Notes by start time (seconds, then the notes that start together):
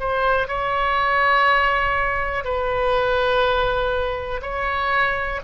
0.00 C5
0.48 C#5
2.45 B4
4.42 C#5